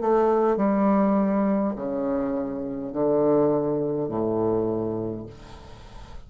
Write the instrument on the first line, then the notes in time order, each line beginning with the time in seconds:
bassoon
0.00 A3
0.57 G3
1.75 C#3
2.93 D3
4.08 A2